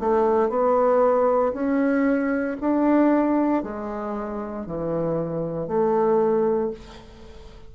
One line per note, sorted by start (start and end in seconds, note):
0.00 0.49 A3
0.49 1.53 B3
1.54 2.57 C#4
2.61 3.63 D4
3.63 4.66 G#3
4.66 5.68 E3
5.68 6.71 A3